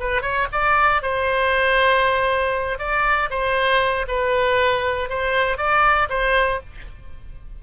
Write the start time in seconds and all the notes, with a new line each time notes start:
0.00 B4
0.22 C#5
0.52 D5
1.02 C5
2.79 D5
3.30 C5
4.08 B4
5.10 C5
5.57 D5
6.10 C5